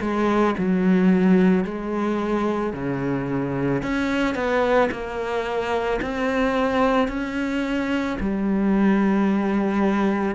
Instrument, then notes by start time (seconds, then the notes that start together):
cello
0.00 G#3
0.58 F#3
1.64 G#3
2.73 C#3
3.82 C#4
4.34 B3
4.91 A#3
6.01 C4
7.08 C#4
8.20 G3